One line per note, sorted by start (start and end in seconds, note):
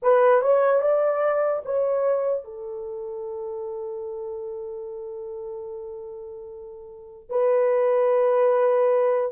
0.02 0.41 B4
0.41 0.81 C#5
0.81 1.62 D5
1.65 2.44 C#5
2.44 7.29 A4
7.29 9.32 B4